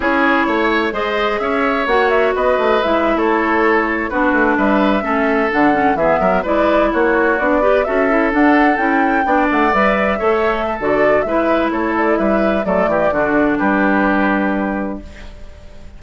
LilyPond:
<<
  \new Staff \with { instrumentName = "flute" } { \time 4/4 \tempo 4 = 128 cis''2 dis''4 e''4 | fis''8 e''8 dis''4 e''8. cis''4~ cis''16~ | cis''8. b'4 e''2 fis''16~ | fis''8. e''4 d''4 cis''4 d''16~ |
d''8. e''4 fis''4 g''4~ g''16~ | g''16 fis''8 e''2~ e''16 d''4 | e''4 cis''8 d''8 e''4 d''4~ | d''4 b'2. | }
  \new Staff \with { instrumentName = "oboe" } { \time 4/4 gis'4 cis''4 c''4 cis''4~ | cis''4 b'4.~ b'16 a'4~ a'16~ | a'8. fis'4 b'4 a'4~ a'16~ | a'8. gis'8 ais'8 b'4 fis'4~ fis'16~ |
fis'16 b'8 a'2. d''16~ | d''4.~ d''16 cis''4 a'4~ a'16 | b'4 a'4 b'4 a'8 g'8 | fis'4 g'2. | }
  \new Staff \with { instrumentName = "clarinet" } { \time 4/4 e'2 gis'2 | fis'2 e'2~ | e'8. d'2 cis'4 d'16~ | d'16 cis'8 b4 e'2 d'16~ |
d'16 g'8 fis'8 e'8 d'4 e'4 d'16~ | d'8. b'4 a'4~ a'16 fis'4 | e'2. a4 | d'1 | }
  \new Staff \with { instrumentName = "bassoon" } { \time 4/4 cis'4 a4 gis4 cis'4 | ais4 b8 a8 gis8. a4~ a16~ | a8. b8 a8 g4 a4 d16~ | d8. e8 fis8 gis4 ais4 b16~ |
b8. cis'4 d'4 cis'4 b16~ | b16 a8 g4 a4~ a16 d4 | gis4 a4 g4 fis8 e8 | d4 g2. | }
>>